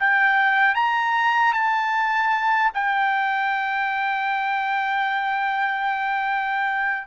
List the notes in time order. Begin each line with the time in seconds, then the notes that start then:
0.00 G5
0.75 A#5
1.54 A5
2.74 G5